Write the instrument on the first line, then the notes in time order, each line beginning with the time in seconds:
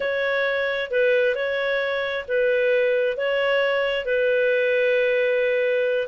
clarinet
0.00 C#5
0.90 B4
1.35 C#5
2.28 B4
3.17 C#5
4.05 B4